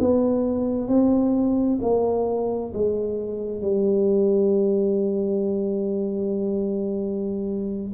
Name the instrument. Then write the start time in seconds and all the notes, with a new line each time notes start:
tuba
0.00 B3
0.88 C4
1.82 A#3
2.74 G#3
3.62 G3